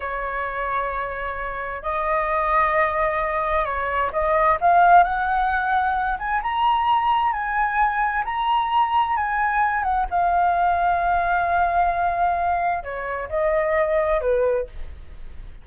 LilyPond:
\new Staff \with { instrumentName = "flute" } { \time 4/4 \tempo 4 = 131 cis''1 | dis''1 | cis''4 dis''4 f''4 fis''4~ | fis''4. gis''8 ais''2 |
gis''2 ais''2 | gis''4. fis''8 f''2~ | f''1 | cis''4 dis''2 b'4 | }